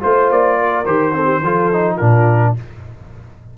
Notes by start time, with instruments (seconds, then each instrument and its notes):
0.00 tuba A3, trombone F4, horn C5, trumpet C5
0.31 tuba A#3, trumpet D5
0.59 horn A#4
0.86 tuba D#3, trombone G4, trumpet C5
1.13 trombone C4, horn A4
1.25 horn G4
1.43 tuba F3, trombone F4, horn A4
1.73 trombone D#4
1.96 tuba A#2, trombone D4, horn F4, trumpet A#4